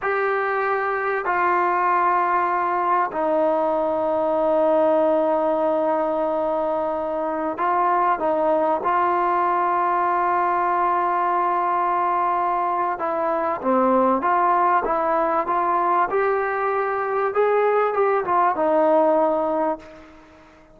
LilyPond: \new Staff \with { instrumentName = "trombone" } { \time 4/4 \tempo 4 = 97 g'2 f'2~ | f'4 dis'2.~ | dis'1~ | dis'16 f'4 dis'4 f'4.~ f'16~ |
f'1~ | f'4 e'4 c'4 f'4 | e'4 f'4 g'2 | gis'4 g'8 f'8 dis'2 | }